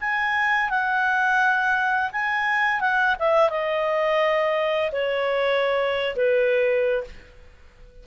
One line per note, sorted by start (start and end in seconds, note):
0.00 0.69 G#5
0.69 2.10 F#5
2.11 2.80 G#5
2.80 3.15 F#5
3.19 3.49 E5
3.49 4.91 D#5
4.92 6.15 C#5
6.15 7.04 B4